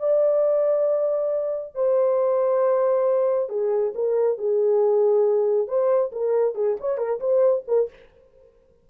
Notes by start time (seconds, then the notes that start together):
0.00 D5
1.75 C5
3.50 G#4
3.95 A#4
4.39 G#4
5.68 C5
6.13 A#4
6.55 G#4
6.81 C#5
6.98 A#4
7.20 C5
7.68 A#4